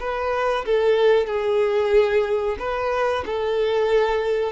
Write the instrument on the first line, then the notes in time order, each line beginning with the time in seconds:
violin
0.00 B4
0.66 A4
1.27 G#4
2.59 B4
3.26 A4